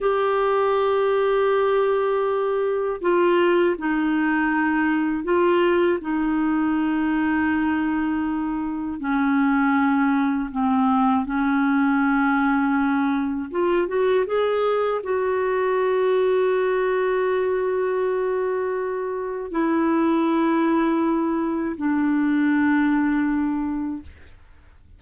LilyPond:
\new Staff \with { instrumentName = "clarinet" } { \time 4/4 \tempo 4 = 80 g'1 | f'4 dis'2 f'4 | dis'1 | cis'2 c'4 cis'4~ |
cis'2 f'8 fis'8 gis'4 | fis'1~ | fis'2 e'2~ | e'4 d'2. | }